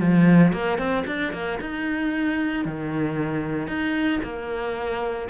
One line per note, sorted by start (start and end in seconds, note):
0.00 0.53 F3
0.53 0.78 A#3
0.78 1.05 C4
1.07 1.33 D4
1.33 1.59 A#3
1.61 2.65 D#4
2.65 3.67 D#3
3.67 4.20 D#4
4.23 5.29 A#3